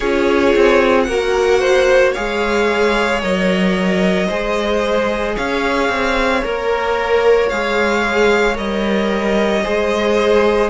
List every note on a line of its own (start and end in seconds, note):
0.00 0.54 C#4
0.00 1.09 F4
0.00 1.06 G#4
0.00 1.02 C#5
0.55 1.07 C4
1.02 2.14 A#3
1.02 1.60 A#4
1.02 2.09 F#5
1.09 2.15 F#4
1.60 2.12 C5
2.12 3.23 G#3
2.12 3.22 G#4
2.12 4.26 C#5
2.12 3.21 F5
3.22 4.29 F#3
3.22 4.29 A#4
3.22 5.36 D#5
4.27 5.36 G#3
4.27 6.42 G#4
4.27 5.34 C5
5.36 5.88 C#4
5.36 9.63 C#5
5.36 6.44 F5
5.88 6.42 C4
6.42 7.50 A#3
6.42 7.50 A#4
6.42 7.49 A#4
7.49 8.57 G#3
7.49 8.54 G#4
7.49 8.56 F5
8.54 9.64 G3
8.54 9.61 A#4
8.54 10.70 D#5
9.63 10.70 G#3
9.63 10.70 G#4
9.63 10.70 C5